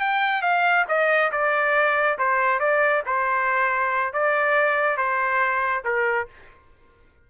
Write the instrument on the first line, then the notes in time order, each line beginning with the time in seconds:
trumpet
0.00 G5
0.42 F5
0.88 D#5
1.32 D5
2.19 C5
2.60 D5
3.06 C5
4.13 D5
4.97 C5
5.84 A#4